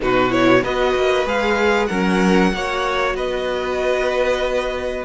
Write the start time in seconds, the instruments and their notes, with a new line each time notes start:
0.00 cello B2, viola D#4, violin F#4 B4
0.29 viola E4, violin C#5
0.62 cello B3, viola F#4, violin B4 D#5
0.95 cello A#3
1.25 cello G#3, viola G#4, violin F5
1.86 cello F#3, viola C#4, violin A#4 F#5
2.52 cello A#3, viola F#4, violin C#5
3.14 cello B3, violin B4 D#5